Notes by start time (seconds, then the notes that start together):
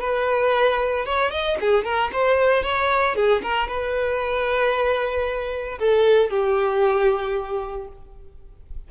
0.00 B4
1.05 C#5
1.31 D#5
1.61 G#4
1.84 A#4
2.12 C5
2.63 C#5
3.16 G#4
3.42 A#4
3.68 B4
5.79 A4
6.30 G4